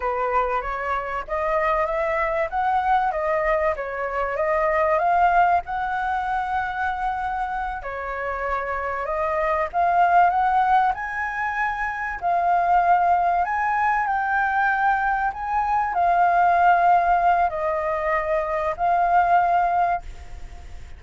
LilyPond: \new Staff \with { instrumentName = "flute" } { \time 4/4 \tempo 4 = 96 b'4 cis''4 dis''4 e''4 | fis''4 dis''4 cis''4 dis''4 | f''4 fis''2.~ | fis''8 cis''2 dis''4 f''8~ |
f''8 fis''4 gis''2 f''8~ | f''4. gis''4 g''4.~ | g''8 gis''4 f''2~ f''8 | dis''2 f''2 | }